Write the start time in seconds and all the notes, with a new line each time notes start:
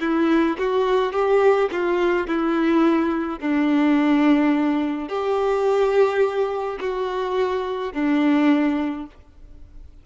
0.00 E4
0.58 F#4
1.12 G4
1.71 F4
2.27 E4
3.40 D4
5.08 G4
6.80 F#4
7.92 D4